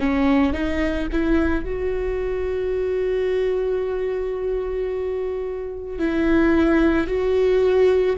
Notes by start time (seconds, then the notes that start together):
0.00 C#4
0.53 D#4
1.12 E4
1.65 F#4
5.99 E4
7.07 F#4